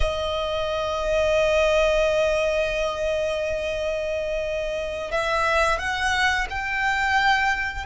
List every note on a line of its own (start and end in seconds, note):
0.00 5.11 D#5
5.11 5.79 E5
5.79 6.47 F#5
6.50 7.85 G5